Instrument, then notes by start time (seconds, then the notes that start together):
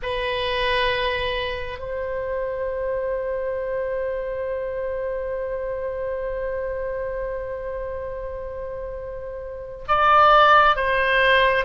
oboe
0.02 B4
1.78 C5
9.88 D5
10.75 C5